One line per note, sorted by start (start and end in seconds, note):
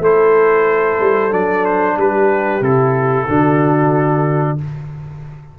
0.00 0.98 A3
0.00 1.31 E4
0.00 1.97 A4
0.00 1.33 C5
1.00 1.32 G3
1.31 1.97 F#3
1.31 2.62 D4
1.31 1.65 D5
1.65 1.98 C5
1.97 2.61 G3
1.97 3.27 G4
1.97 2.63 B4
2.61 3.26 C3
2.61 3.28 E4
2.61 4.59 A4
3.28 4.59 D3
3.28 4.58 D4
3.28 4.59 F#4